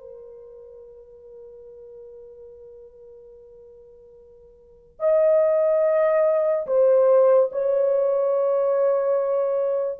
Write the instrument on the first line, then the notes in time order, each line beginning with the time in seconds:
horn
0.00 A#4
5.00 D#5
6.67 C5
7.52 C#5